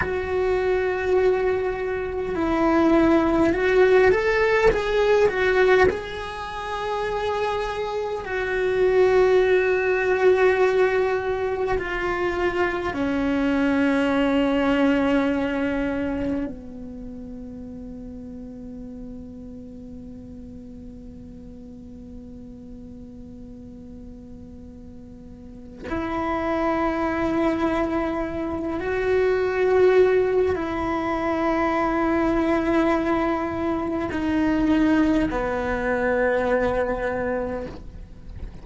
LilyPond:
\new Staff \with { instrumentName = "cello" } { \time 4/4 \tempo 4 = 51 fis'2 e'4 fis'8 a'8 | gis'8 fis'8 gis'2 fis'4~ | fis'2 f'4 cis'4~ | cis'2 b2~ |
b1~ | b2 e'2~ | e'8 fis'4. e'2~ | e'4 dis'4 b2 | }